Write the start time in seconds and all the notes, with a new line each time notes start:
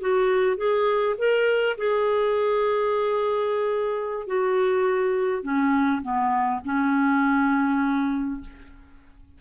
0.00 F#4
0.57 G#4
1.18 A#4
1.77 G#4
4.27 F#4
5.43 C#4
6.02 B3
6.64 C#4